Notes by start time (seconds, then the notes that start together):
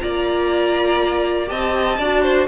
0.00 A#3 F4 D5 A#5
1.46 C4 G4 D#5 A5
1.98 D4 F#4 D5
2.22 C5